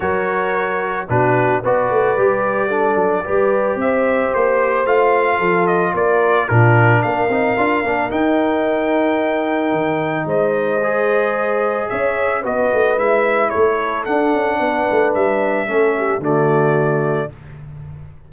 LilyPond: <<
  \new Staff \with { instrumentName = "trumpet" } { \time 4/4 \tempo 4 = 111 cis''2 b'4 d''4~ | d''2. e''4 | c''4 f''4. dis''8 d''4 | ais'4 f''2 g''4~ |
g''2. dis''4~ | dis''2 e''4 dis''4 | e''4 cis''4 fis''2 | e''2 d''2 | }
  \new Staff \with { instrumentName = "horn" } { \time 4/4 ais'2 fis'4 b'4~ | b'4 a'4 b'4 c''4~ | c''2 a'4 ais'4 | f'4 ais'2.~ |
ais'2. c''4~ | c''2 cis''4 b'4~ | b'4 a'2 b'4~ | b'4 a'8 g'8 fis'2 | }
  \new Staff \with { instrumentName = "trombone" } { \time 4/4 fis'2 d'4 fis'4 | g'4 d'4 g'2~ | g'4 f'2. | d'4. dis'8 f'8 d'8 dis'4~ |
dis'1 | gis'2. fis'4 | e'2 d'2~ | d'4 cis'4 a2 | }
  \new Staff \with { instrumentName = "tuba" } { \time 4/4 fis2 b,4 b8 a8 | g4. fis8 g4 c'4 | ais4 a4 f4 ais4 | ais,4 ais8 c'8 d'8 ais8 dis'4~ |
dis'2 dis4 gis4~ | gis2 cis'4 b8 a8 | gis4 a4 d'8 cis'8 b8 a8 | g4 a4 d2 | }
>>